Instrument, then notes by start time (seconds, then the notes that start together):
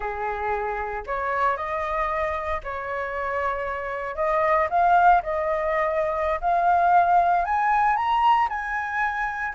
flute
0.00 G#4
1.06 C#5
1.56 D#5
2.63 C#5
4.15 D#5
4.70 F5
5.22 D#5
6.41 F5
7.44 G#5
7.96 A#5
8.49 G#5